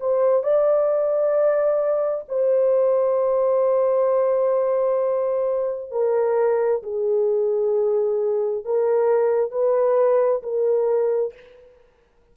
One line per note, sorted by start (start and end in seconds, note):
0.00 0.43 C5
0.43 2.25 D5
2.29 5.91 C5
5.91 6.82 A#4
6.83 8.65 G#4
8.65 9.51 A#4
9.51 10.42 B4
10.43 11.33 A#4